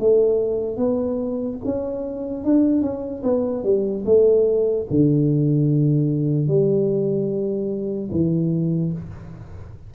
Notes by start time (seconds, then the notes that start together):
0.00 A3
0.77 B3
1.65 C#4
2.45 D4
2.82 C#4
3.24 B3
3.64 G3
4.06 A3
4.90 D3
6.48 G3
8.12 E3